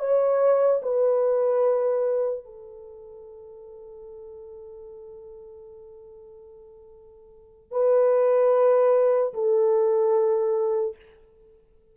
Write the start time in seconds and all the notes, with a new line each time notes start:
0.00 C#5
0.83 B4
2.45 A4
7.72 B4
9.34 A4